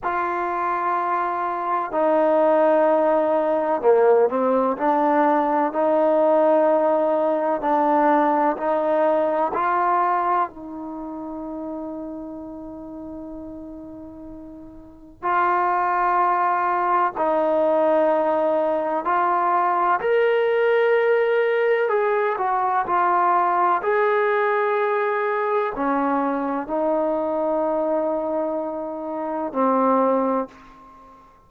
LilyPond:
\new Staff \with { instrumentName = "trombone" } { \time 4/4 \tempo 4 = 63 f'2 dis'2 | ais8 c'8 d'4 dis'2 | d'4 dis'4 f'4 dis'4~ | dis'1 |
f'2 dis'2 | f'4 ais'2 gis'8 fis'8 | f'4 gis'2 cis'4 | dis'2. c'4 | }